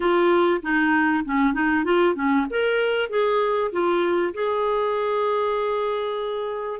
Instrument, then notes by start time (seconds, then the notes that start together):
clarinet
0.00 F4
0.62 D#4
1.24 C#4
1.53 D#4
1.84 F4
2.15 C#4
2.50 A#4
3.09 G#4
3.71 F4
4.34 G#4